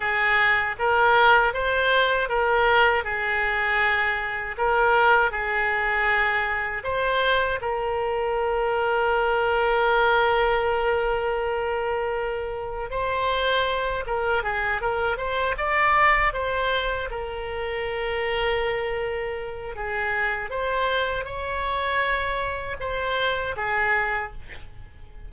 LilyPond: \new Staff \with { instrumentName = "oboe" } { \time 4/4 \tempo 4 = 79 gis'4 ais'4 c''4 ais'4 | gis'2 ais'4 gis'4~ | gis'4 c''4 ais'2~ | ais'1~ |
ais'4 c''4. ais'8 gis'8 ais'8 | c''8 d''4 c''4 ais'4.~ | ais'2 gis'4 c''4 | cis''2 c''4 gis'4 | }